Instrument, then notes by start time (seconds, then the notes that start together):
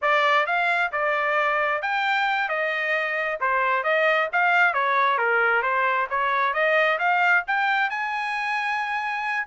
trumpet
0.01 D5
0.46 F5
0.92 D5
1.82 G5
2.48 D#5
3.40 C5
3.83 D#5
4.32 F5
4.73 C#5
5.18 A#4
5.62 C5
6.10 C#5
6.53 D#5
6.98 F5
7.47 G5
7.90 G#5